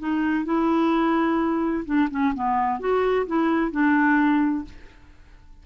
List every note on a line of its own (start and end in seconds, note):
0.00 0.45 D#4
0.45 1.85 E4
1.86 2.09 D4
2.11 2.34 C#4
2.35 2.80 B3
2.80 3.27 F#4
3.27 3.72 E4
3.72 4.65 D4